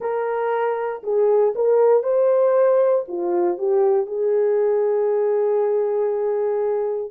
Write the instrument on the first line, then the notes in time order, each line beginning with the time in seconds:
horn
0.00 A#4
1.03 G#4
1.55 A#4
2.03 C5
3.07 F4
3.58 G4
4.06 G#4